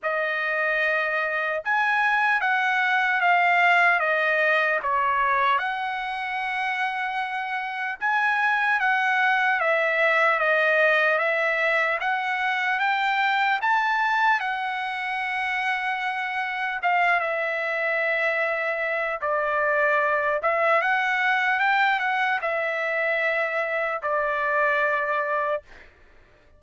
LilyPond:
\new Staff \with { instrumentName = "trumpet" } { \time 4/4 \tempo 4 = 75 dis''2 gis''4 fis''4 | f''4 dis''4 cis''4 fis''4~ | fis''2 gis''4 fis''4 | e''4 dis''4 e''4 fis''4 |
g''4 a''4 fis''2~ | fis''4 f''8 e''2~ e''8 | d''4. e''8 fis''4 g''8 fis''8 | e''2 d''2 | }